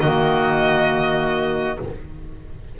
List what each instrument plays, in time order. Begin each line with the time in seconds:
0.00 double bass D#3, saxophone A#3, trumpet F#4, violin D#5